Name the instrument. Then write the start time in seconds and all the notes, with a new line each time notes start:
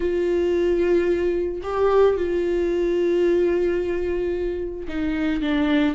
viola
0.00 F4
1.62 G4
2.16 F4
4.88 D#4
5.41 D4